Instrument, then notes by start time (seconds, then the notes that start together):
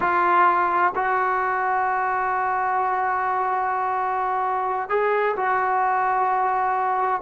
trombone
0.00 F4
0.95 F#4
4.89 G#4
5.36 F#4